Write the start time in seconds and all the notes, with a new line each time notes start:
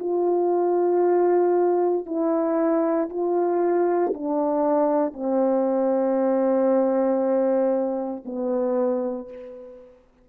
0.00 F4
2.06 E4
3.10 F4
4.15 D4
5.13 C4
8.26 B3